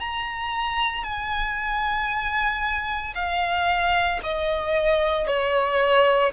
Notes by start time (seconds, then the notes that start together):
0.00 A#5
1.03 G#5
3.15 F5
4.23 D#5
5.27 C#5